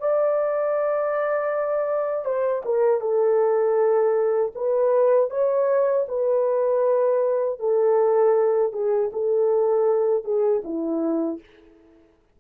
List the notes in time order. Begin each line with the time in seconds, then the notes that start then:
0.00 D5
2.25 C5
2.65 A#4
3.00 A4
4.55 B4
5.30 C#5
6.08 B4
7.59 A4
8.73 G#4
9.13 A4
10.24 G#4
10.64 E4